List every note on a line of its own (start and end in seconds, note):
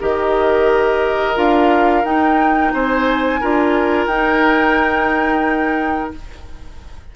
0.00 1.36 D#3
0.00 1.35 G4
0.00 2.73 A#4
0.00 1.37 D#5
1.35 2.04 D4
1.35 2.03 F4
1.35 2.05 F5
2.04 2.72 D#4
2.04 3.41 D#4
2.04 2.73 G5
2.73 3.41 C4
2.73 3.40 C5
2.73 4.06 G#5
3.40 4.07 D4
3.40 4.10 F4
3.40 6.13 A#4
4.06 6.11 D#4
4.06 6.15 D#4
4.06 6.11 G5